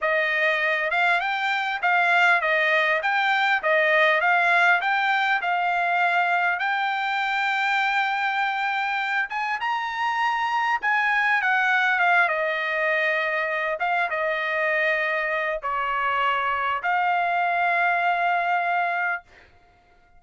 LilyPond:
\new Staff \with { instrumentName = "trumpet" } { \time 4/4 \tempo 4 = 100 dis''4. f''8 g''4 f''4 | dis''4 g''4 dis''4 f''4 | g''4 f''2 g''4~ | g''2.~ g''8 gis''8 |
ais''2 gis''4 fis''4 | f''8 dis''2~ dis''8 f''8 dis''8~ | dis''2 cis''2 | f''1 | }